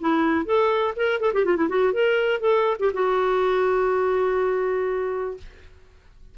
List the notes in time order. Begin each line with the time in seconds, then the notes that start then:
0.00 E4
0.45 A4
0.96 A#4
1.20 A4
1.33 G4
1.45 F4
1.56 E4
1.69 F#4
1.93 A#4
2.40 A4
2.79 G4
2.93 F#4